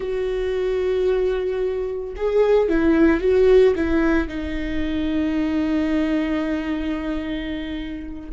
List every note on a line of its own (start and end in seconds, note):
0.00 2.14 F#4
2.16 2.68 G#4
2.68 3.20 E4
3.20 3.74 F#4
3.75 4.28 E4
4.28 8.29 D#4